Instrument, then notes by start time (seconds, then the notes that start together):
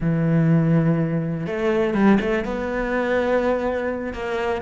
cello
0.00 E3
1.46 A3
1.94 G3
2.20 A3
2.44 B3
4.13 A#3